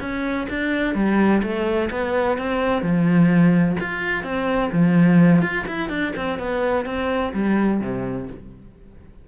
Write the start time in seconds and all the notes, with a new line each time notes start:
0.00 C#4
0.49 D4
0.94 G3
1.42 A3
1.90 B3
2.38 C4
2.82 F3
3.80 F4
4.23 C4
4.72 F3
5.42 F4
5.67 E4
5.89 D4
6.16 C4
6.38 B3
6.85 C4
7.33 G3
7.80 C3